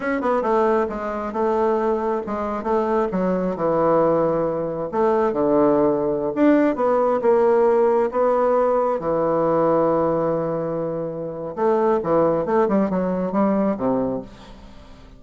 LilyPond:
\new Staff \with { instrumentName = "bassoon" } { \time 4/4 \tempo 4 = 135 cis'8 b8 a4 gis4 a4~ | a4 gis4 a4 fis4 | e2. a4 | d2~ d16 d'4 b8.~ |
b16 ais2 b4.~ b16~ | b16 e2.~ e8.~ | e2 a4 e4 | a8 g8 fis4 g4 c4 | }